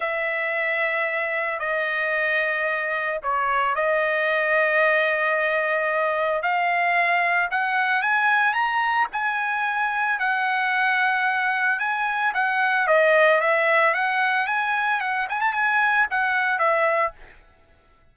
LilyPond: \new Staff \with { instrumentName = "trumpet" } { \time 4/4 \tempo 4 = 112 e''2. dis''4~ | dis''2 cis''4 dis''4~ | dis''1 | f''2 fis''4 gis''4 |
ais''4 gis''2 fis''4~ | fis''2 gis''4 fis''4 | dis''4 e''4 fis''4 gis''4 | fis''8 gis''16 a''16 gis''4 fis''4 e''4 | }